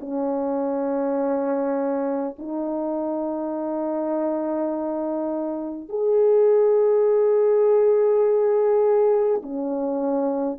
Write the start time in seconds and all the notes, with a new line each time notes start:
0.00 C#4
2.38 D#4
5.88 G#4
9.42 C#4